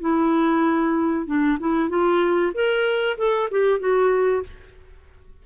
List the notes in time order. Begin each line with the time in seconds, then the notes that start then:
0.00 E4
1.26 D4
1.60 E4
1.89 F4
2.54 A#4
3.18 A4
3.51 G4
3.79 F#4